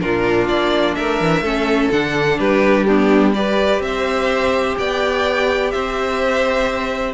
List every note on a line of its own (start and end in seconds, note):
0.00 0.48 A#2
0.00 1.44 D4
0.00 0.97 F4
0.00 0.48 A#4
0.48 0.96 A#3
0.48 0.95 D5
0.95 1.21 A3
0.95 1.43 A#4
0.95 1.90 E5
1.21 1.41 E3
1.41 1.89 A3
1.41 1.92 C#4
1.41 2.38 A4
1.91 2.39 D3
1.91 2.88 D4
1.91 2.39 F#5
2.39 3.80 G3
2.39 2.86 G4
2.39 2.85 B4
2.85 3.35 B3
2.85 3.34 D4
2.85 3.32 G4
3.34 7.14 G4
3.34 3.84 B4
3.34 3.82 D5
3.80 4.75 C4
3.80 4.77 E5
3.87 4.79 C5
4.78 5.74 B3
4.78 5.73 D5
4.78 5.71 G5
5.71 7.14 C4
5.71 7.14 C5
5.71 7.14 E5